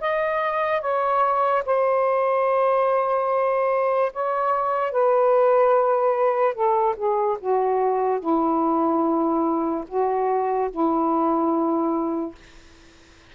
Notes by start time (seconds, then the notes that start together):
0.00 D#5
0.81 C#5
1.65 C5
4.12 C#5
4.91 B4
6.54 A4
6.96 G#4
7.39 F#4
8.20 E4
9.88 F#4
10.70 E4